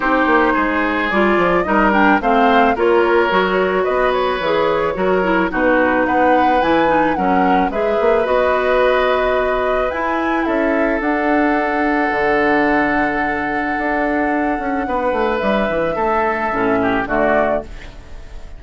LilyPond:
<<
  \new Staff \with { instrumentName = "flute" } { \time 4/4 \tempo 4 = 109 c''2 d''4 dis''8 g''8 | f''4 cis''2 dis''8 cis''8~ | cis''2 b'4 fis''4 | gis''4 fis''4 e''4 dis''4~ |
dis''2 gis''4 e''4 | fis''1~ | fis''1 | e''2. d''4 | }
  \new Staff \with { instrumentName = "oboe" } { \time 4/4 g'4 gis'2 ais'4 | c''4 ais'2 b'4~ | b'4 ais'4 fis'4 b'4~ | b'4 ais'4 b'2~ |
b'2. a'4~ | a'1~ | a'2. b'4~ | b'4 a'4. g'8 fis'4 | }
  \new Staff \with { instrumentName = "clarinet" } { \time 4/4 dis'2 f'4 dis'8 d'8 | c'4 f'4 fis'2 | gis'4 fis'8 e'8 dis'2 | e'8 dis'8 cis'4 gis'4 fis'4~ |
fis'2 e'2 | d'1~ | d'1~ | d'2 cis'4 a4 | }
  \new Staff \with { instrumentName = "bassoon" } { \time 4/4 c'8 ais8 gis4 g8 f8 g4 | a4 ais4 fis4 b4 | e4 fis4 b,4 b4 | e4 fis4 gis8 ais8 b4~ |
b2 e'4 cis'4 | d'2 d2~ | d4 d'4. cis'8 b8 a8 | g8 e8 a4 a,4 d4 | }
>>